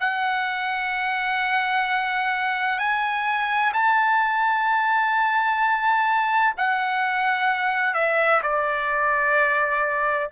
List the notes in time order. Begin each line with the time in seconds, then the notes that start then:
0.00 F#5
2.78 G#5
3.73 A5
6.57 F#5
7.94 E5
8.42 D5